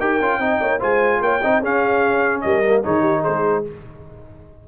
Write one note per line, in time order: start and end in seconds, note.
0.00 0.21 D#4
0.00 0.21 G4
0.00 0.41 A#4
0.00 0.82 G5
0.21 0.39 C#4
0.21 0.40 F4
0.39 0.59 C4
0.39 0.80 D#4
0.39 0.61 D#5
0.61 0.82 A#3
0.61 0.80 C#5
0.80 1.21 G#3
0.80 1.41 F4
0.80 1.20 C5
0.80 1.23 G#5
1.21 1.41 A#3
1.21 1.42 C#5
1.21 1.63 G5
1.42 1.62 C4
1.42 1.63 D#4
1.42 1.61 D#5
1.61 2.43 C#4
1.61 2.64 C#4
1.61 2.42 G#4
1.61 2.41 F5
2.41 2.85 G3
2.41 2.84 A#4
2.41 2.82 D#5
2.65 2.84 A#3
2.84 3.27 D#3
2.84 3.65 D#4
2.84 3.01 G#4
2.84 3.24 C#5
3.01 3.21 G4
3.21 3.61 G#4
3.21 3.65 C5
3.28 3.68 G#3